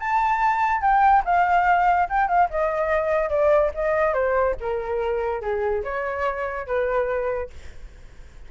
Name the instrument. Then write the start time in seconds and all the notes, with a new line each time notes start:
flute
0.00 A5
0.81 G5
1.25 F5
2.09 G5
2.28 F5
2.50 D#5
3.30 D5
3.75 D#5
4.14 C5
4.61 A#4
5.41 G#4
5.84 C#5
6.67 B4